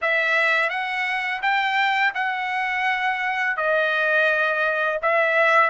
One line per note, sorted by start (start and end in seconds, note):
0.01 0.69 E5
0.69 1.41 F#5
1.42 2.13 G5
2.14 3.56 F#5
3.56 4.99 D#5
5.02 5.69 E5